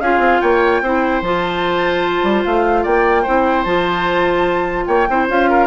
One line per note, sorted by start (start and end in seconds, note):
0.00 0.18 C#4
0.00 0.84 F4
0.00 0.41 G#4
0.00 0.41 F5
0.18 0.38 C4
0.41 0.81 A#3
0.41 0.81 C#5
0.41 1.22 G5
0.81 1.21 C4
0.81 1.23 E4
0.81 2.83 C5
1.21 2.22 F3
1.21 3.26 F4
1.21 2.43 A5
2.23 2.43 G3
2.43 2.85 A3
2.43 2.84 F5
2.83 3.26 A#3
2.83 3.22 D5
2.83 3.63 G5
3.22 3.65 C4
3.22 3.66 E4
3.22 4.84 C5
3.63 4.86 F3
3.63 5.08 F4
3.63 4.85 A5
4.86 5.08 A#3
4.86 5.07 C#5
4.86 5.26 G5
5.09 5.28 C4
5.09 5.28 E4
5.09 5.50 C5
5.28 5.67 C#4
5.28 5.67 F4
5.28 5.67 F5
5.50 5.67 A#4